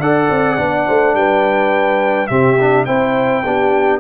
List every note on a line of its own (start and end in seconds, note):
0.00 0.29 D4
0.00 0.58 A4
0.00 0.86 D5
0.00 1.15 F#5
0.30 0.58 C4
0.58 0.87 B3
0.58 2.29 D4
0.87 1.14 A3
0.87 1.15 C5
1.14 2.28 G3
1.14 2.30 B4
1.14 2.27 G5
2.27 2.87 C3
2.27 2.58 C4
2.27 2.86 G4
2.27 2.84 E5
2.60 2.87 D4
2.85 3.45 C4
2.85 3.44 E4
2.85 3.43 C5
2.85 3.99 G5
3.45 4.00 B3
3.45 4.00 D4
3.45 4.00 G4